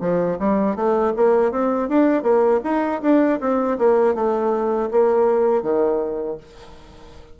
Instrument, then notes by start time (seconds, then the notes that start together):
bassoon
0.00 F3
0.39 G3
0.75 A3
1.16 A#3
1.51 C4
1.89 D4
2.23 A#3
2.64 D#4
3.02 D4
3.40 C4
3.78 A#3
4.14 A3
4.91 A#3
5.62 D#3